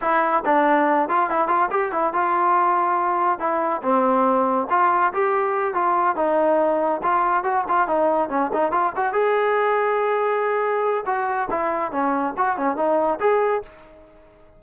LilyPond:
\new Staff \with { instrumentName = "trombone" } { \time 4/4 \tempo 4 = 141 e'4 d'4. f'8 e'8 f'8 | g'8 e'8 f'2. | e'4 c'2 f'4 | g'4. f'4 dis'4.~ |
dis'8 f'4 fis'8 f'8 dis'4 cis'8 | dis'8 f'8 fis'8 gis'2~ gis'8~ | gis'2 fis'4 e'4 | cis'4 fis'8 cis'8 dis'4 gis'4 | }